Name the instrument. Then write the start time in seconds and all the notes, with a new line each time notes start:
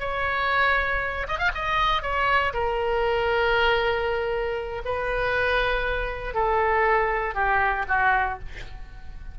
oboe
0.00 C#5
1.28 D#5
1.39 F5
1.55 D#5
2.02 C#5
2.54 A#4
4.85 B4
6.34 A4
7.35 G4
7.88 F#4